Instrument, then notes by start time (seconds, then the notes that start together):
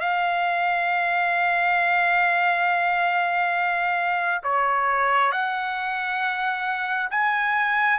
trumpet
0.00 F5
4.44 C#5
5.32 F#5
7.11 G#5